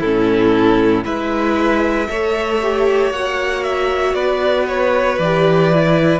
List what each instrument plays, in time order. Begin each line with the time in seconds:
0.00 cello A2, viola C#4, violin E4 A4
1.04 cello G#3, viola E4, violin B4 E5
2.09 cello A3, viola A4, violin C#5
2.62 viola G4
3.11 cello A#3, viola F#4, violin F#5
3.63 violin E5
4.14 cello B3, violin B4 D5
4.67 violin C#5
5.18 cello E3, viola G4, violin D5
5.73 viola E4